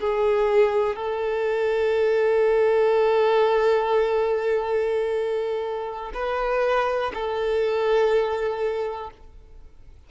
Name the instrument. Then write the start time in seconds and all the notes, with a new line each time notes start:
violin
0.00 G#4
0.96 A4
6.14 B4
7.14 A4